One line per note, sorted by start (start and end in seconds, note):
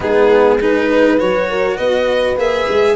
0.00 1.19 G#3
0.00 0.59 B3
0.00 0.58 D#4
0.00 0.60 G#4
0.60 1.17 D#4
0.60 0.90 G#4
0.60 1.19 B4
0.90 1.49 B4
1.17 1.78 F#3
1.17 2.36 F#4
1.17 1.76 C#5
1.49 1.75 A#4
1.75 2.37 B3
1.75 2.94 B4
1.75 2.36 D#5
2.37 2.67 A#3
2.37 2.96 G#4
2.37 2.96 E5
2.68 2.96 G#3